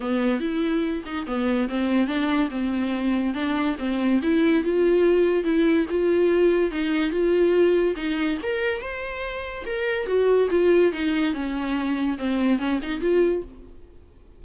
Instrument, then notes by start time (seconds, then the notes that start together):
viola
0.00 B3
0.40 E4
1.05 D#4
1.26 B3
1.68 C4
2.07 D4
2.50 C4
3.34 D4
3.78 C4
4.22 E4
4.63 F4
5.44 E4
5.90 F4
6.71 D#4
7.10 F4
7.96 D#4
8.42 A#4
8.81 C5
9.65 A#4
10.06 F#4
10.50 F4
10.92 D#4
11.33 C#4
12.18 C4
12.58 C#4
12.82 D#4
13.01 F4